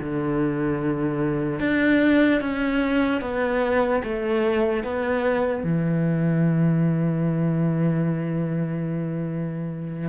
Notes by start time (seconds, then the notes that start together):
0.00 D3
1.60 D4
2.41 C#4
3.21 B3
4.04 A3
4.84 B3
5.64 E3